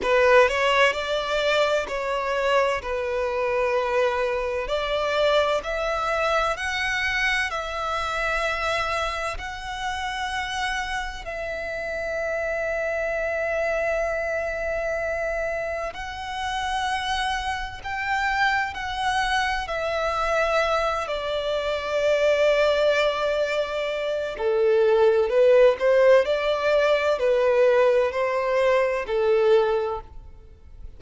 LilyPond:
\new Staff \with { instrumentName = "violin" } { \time 4/4 \tempo 4 = 64 b'8 cis''8 d''4 cis''4 b'4~ | b'4 d''4 e''4 fis''4 | e''2 fis''2 | e''1~ |
e''4 fis''2 g''4 | fis''4 e''4. d''4.~ | d''2 a'4 b'8 c''8 | d''4 b'4 c''4 a'4 | }